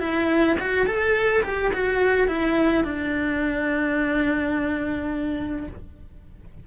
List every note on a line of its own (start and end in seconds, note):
0.00 0.57 E4
0.59 0.86 F#4
0.86 1.43 A4
1.43 1.72 G4
1.73 2.28 F#4
2.28 2.84 E4
2.84 5.67 D4